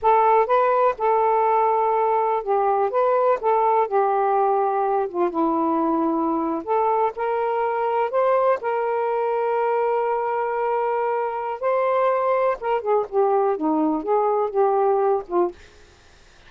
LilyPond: \new Staff \with { instrumentName = "saxophone" } { \time 4/4 \tempo 4 = 124 a'4 b'4 a'2~ | a'4 g'4 b'4 a'4 | g'2~ g'8 f'8 e'4~ | e'4.~ e'16 a'4 ais'4~ ais'16~ |
ais'8. c''4 ais'2~ ais'16~ | ais'1 | c''2 ais'8 gis'8 g'4 | dis'4 gis'4 g'4. f'8 | }